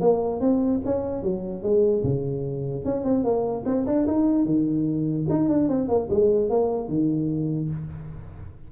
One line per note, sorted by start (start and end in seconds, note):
0.00 0.40 A#3
0.40 0.81 C4
0.85 1.22 C#4
1.22 1.63 F#3
1.63 2.03 G#3
2.03 2.85 C#3
2.85 3.04 C#4
3.04 3.24 C4
3.24 3.64 A#3
3.65 3.86 C4
3.86 4.06 D4
4.07 4.45 D#4
4.45 5.26 D#3
5.29 5.48 D#4
5.48 5.68 D4
5.68 5.88 C4
5.88 6.08 A#3
6.10 6.49 G#3
6.49 6.88 A#3
6.88 7.69 D#3